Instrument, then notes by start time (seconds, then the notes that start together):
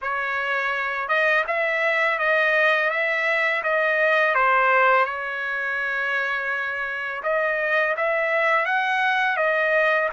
trumpet
0.01 C#5
1.08 D#5
1.47 E5
2.18 D#5
2.90 E5
3.63 D#5
4.34 C5
5.05 C#5
7.23 D#5
7.96 E5
8.65 F#5
9.36 D#5